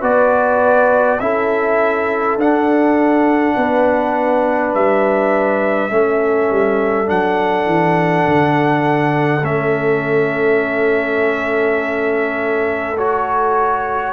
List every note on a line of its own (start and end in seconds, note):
0.00 1.19 B3
0.00 1.19 F#4
0.00 1.18 B4
0.00 1.20 D5
1.19 2.37 C#4
1.19 2.38 E4
1.19 3.55 A4
1.19 2.37 E5
2.37 3.54 D4
2.37 5.90 D4
2.37 4.74 F#5
3.55 4.74 B3
3.55 5.91 B4
4.74 5.90 G3
4.74 7.09 E5
5.90 6.49 A3
5.90 7.06 C#4
5.90 14.13 A4
6.50 7.09 G3
7.06 7.65 F#3
7.06 9.41 D4
7.06 9.44 F#5
7.65 8.24 E3
8.27 9.42 D3
9.42 14.13 A3
9.42 12.96 C#4
9.42 12.97 E5
12.97 14.13 F#4
12.97 14.13 C#5